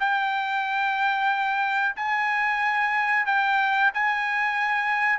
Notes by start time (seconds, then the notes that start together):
0.00 G5
1.97 G#5
3.26 G5
3.94 G#5